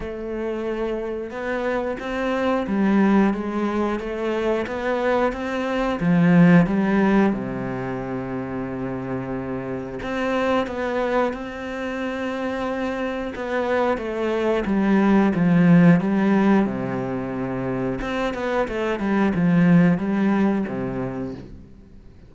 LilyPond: \new Staff \with { instrumentName = "cello" } { \time 4/4 \tempo 4 = 90 a2 b4 c'4 | g4 gis4 a4 b4 | c'4 f4 g4 c4~ | c2. c'4 |
b4 c'2. | b4 a4 g4 f4 | g4 c2 c'8 b8 | a8 g8 f4 g4 c4 | }